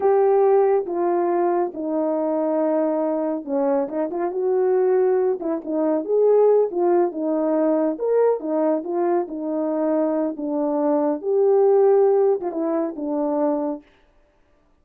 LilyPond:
\new Staff \with { instrumentName = "horn" } { \time 4/4 \tempo 4 = 139 g'2 f'2 | dis'1 | cis'4 dis'8 f'8 fis'2~ | fis'8 e'8 dis'4 gis'4. f'8~ |
f'8 dis'2 ais'4 dis'8~ | dis'8 f'4 dis'2~ dis'8 | d'2 g'2~ | g'8. f'16 e'4 d'2 | }